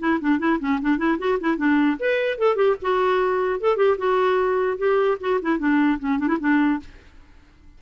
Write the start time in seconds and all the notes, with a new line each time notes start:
0.00 E4
0.21 D4
0.39 E4
0.60 C#4
0.82 D4
0.98 E4
1.19 F#4
1.41 E4
1.57 D4
2.00 B4
2.39 A4
2.56 G4
2.82 F#4
3.61 A4
3.77 G4
3.98 F#4
4.78 G4
5.21 F#4
5.42 E4
5.59 D4
6.00 C#4
6.19 D4
6.28 E4
6.40 D4